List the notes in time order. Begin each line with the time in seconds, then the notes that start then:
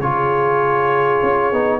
0.00 C#3 F4 G#4 C#5
1.23 C#4
1.53 B3 D#4